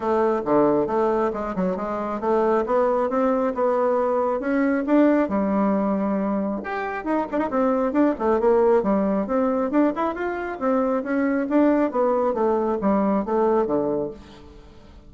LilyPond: \new Staff \with { instrumentName = "bassoon" } { \time 4/4 \tempo 4 = 136 a4 d4 a4 gis8 fis8 | gis4 a4 b4 c'4 | b2 cis'4 d'4 | g2. g'4 |
dis'8 d'16 dis'16 c'4 d'8 a8 ais4 | g4 c'4 d'8 e'8 f'4 | c'4 cis'4 d'4 b4 | a4 g4 a4 d4 | }